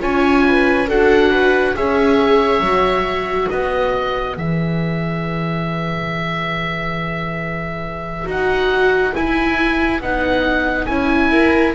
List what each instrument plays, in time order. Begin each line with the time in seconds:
0.00 double bass C#4, viola F4 C#5, oboe G#5
0.48 viola B4
0.88 double bass D4, viola F#4 A4, oboe F#5
1.31 viola B4
1.75 double bass C#4, viola G#4 C#5, oboe E5
2.60 double bass F#3, viola F#4
3.47 double bass B3, viola B4, oboe D#5
4.34 double bass E3, viola G#4, oboe E5
8.25 double bass D#4, viola F#4, oboe F#5
9.15 viola E4, double bass E4, oboe G#5
10.00 double bass B3, viola D#4, oboe F#5
10.86 double bass C#4, viola E4, oboe G#5
11.30 double bass E4, viola A#4